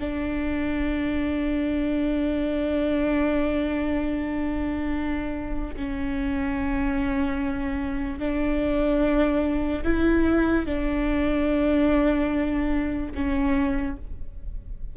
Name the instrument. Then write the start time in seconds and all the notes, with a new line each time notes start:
viola
0.00 D4
5.76 C#4
8.19 D4
9.84 E4
10.66 D4
13.14 C#4